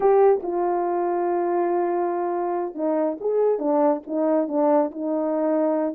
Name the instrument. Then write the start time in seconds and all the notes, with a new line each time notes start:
horn
0.00 G4
0.43 F4
2.74 D#4
3.20 G#4
3.58 D4
4.06 D#4
4.48 D4
4.91 D#4